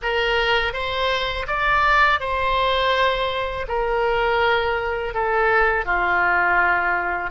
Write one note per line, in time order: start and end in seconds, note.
0.02 0.73 A#4
0.73 1.46 C5
1.47 2.20 D5
2.20 3.66 C5
3.68 5.14 A#4
5.14 5.85 A4
5.85 7.30 F4